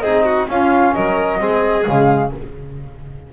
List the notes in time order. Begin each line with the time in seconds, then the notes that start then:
0.00 C4 D#4 G#4 D#5
0.25 F#4
0.48 C#4 F4 F5
0.94 F#3 A#4 D#5
1.38 G#3 C4 G#4
1.85 C#3 G#3 F5